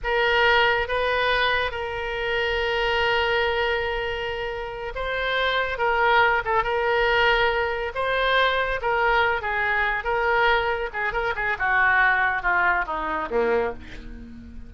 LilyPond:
\new Staff \with { instrumentName = "oboe" } { \time 4/4 \tempo 4 = 140 ais'2 b'2 | ais'1~ | ais'2.~ ais'8 c''8~ | c''4. ais'4. a'8 ais'8~ |
ais'2~ ais'8 c''4.~ | c''8 ais'4. gis'4. ais'8~ | ais'4. gis'8 ais'8 gis'8 fis'4~ | fis'4 f'4 dis'4 ais4 | }